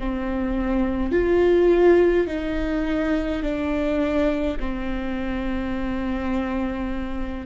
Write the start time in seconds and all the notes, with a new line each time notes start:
0.00 C4
1.12 F4
2.28 D#4
3.43 D4
4.60 C4